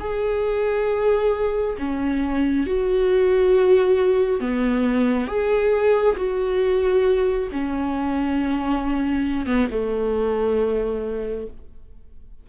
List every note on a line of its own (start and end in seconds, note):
0.00 1.76 G#4
1.79 2.67 C#4
2.67 4.40 F#4
4.40 5.27 B3
5.27 6.16 G#4
6.17 7.49 F#4
7.52 9.47 C#4
9.47 9.68 B3
9.71 11.47 A3